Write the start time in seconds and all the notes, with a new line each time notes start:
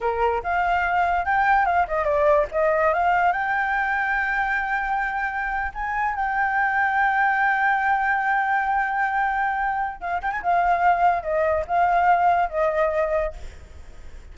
0.00 A#4
0.43 F5
1.25 G5
1.65 F5
1.87 D#5
2.04 D5
2.51 D#5
2.93 F5
3.32 G5
5.74 G#5
6.15 G5
10.00 F5
10.21 G5
10.31 G#5
10.42 F5
11.23 D#5
11.67 F5
12.49 D#5